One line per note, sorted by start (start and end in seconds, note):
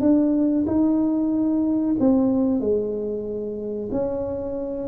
0.00 0.65 D4
0.66 1.95 D#4
1.99 2.60 C4
2.60 3.89 G#3
3.91 4.87 C#4